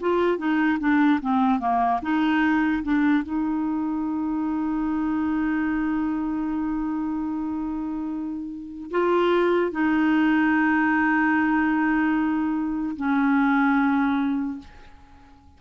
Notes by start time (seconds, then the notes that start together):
0.00 F4
0.38 D#4
0.79 D4
1.21 C4
1.59 A#3
2.02 D#4
2.83 D4
3.23 D#4
8.90 F4
9.71 D#4
12.96 C#4